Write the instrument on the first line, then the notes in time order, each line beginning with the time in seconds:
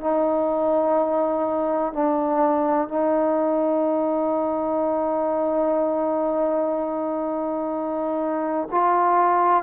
trombone
0.00 D#4
1.93 D4
2.88 D#4
8.71 F4